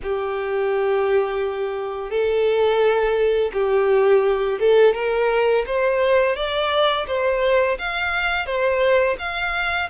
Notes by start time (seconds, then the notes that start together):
0.03 G4
2.10 A4
3.53 G4
4.59 A4
4.94 A#4
5.66 C5
6.36 D5
7.07 C5
7.78 F5
8.45 C5
9.19 F5